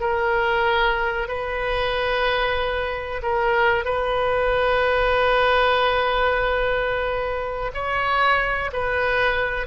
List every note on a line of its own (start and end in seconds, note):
0.00 1.28 A#4
1.28 3.22 B4
3.23 3.85 A#4
3.85 7.72 B4
7.74 8.71 C#5
8.73 9.67 B4